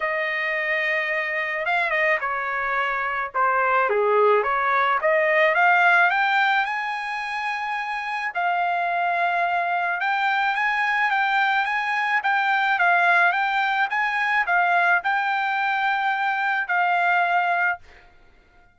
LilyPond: \new Staff \with { instrumentName = "trumpet" } { \time 4/4 \tempo 4 = 108 dis''2. f''8 dis''8 | cis''2 c''4 gis'4 | cis''4 dis''4 f''4 g''4 | gis''2. f''4~ |
f''2 g''4 gis''4 | g''4 gis''4 g''4 f''4 | g''4 gis''4 f''4 g''4~ | g''2 f''2 | }